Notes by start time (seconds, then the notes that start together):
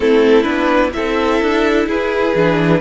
0.00 A3 C4 E4 A4
0.43 B3 D4 B4
0.93 C4 E4 A4 E5
1.42 D4
1.86 E4 G#4 B4
2.35 E3 D4